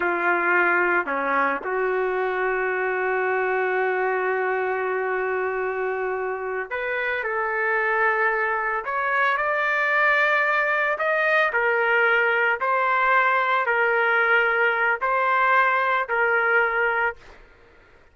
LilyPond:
\new Staff \with { instrumentName = "trumpet" } { \time 4/4 \tempo 4 = 112 f'2 cis'4 fis'4~ | fis'1~ | fis'1~ | fis'8 b'4 a'2~ a'8~ |
a'8 cis''4 d''2~ d''8~ | d''8 dis''4 ais'2 c''8~ | c''4. ais'2~ ais'8 | c''2 ais'2 | }